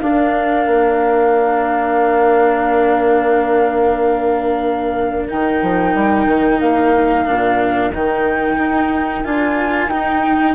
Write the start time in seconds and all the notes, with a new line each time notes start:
0.00 D4 A#4 F5
0.67 A#3
5.29 D#3 D#4 G5
5.62 F3
5.95 G3
6.27 D#3
6.61 A#3 F5
7.25 A#2 D4
7.93 D#3 D#4 G5
8.59 D#4
9.25 D4 F4 G#5
9.88 D#4 G5